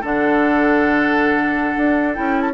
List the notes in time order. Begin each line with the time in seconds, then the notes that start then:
0.00 D3 D4 A4 F#5
1.76 D4
2.13 C#4 E4 G5
2.41 A5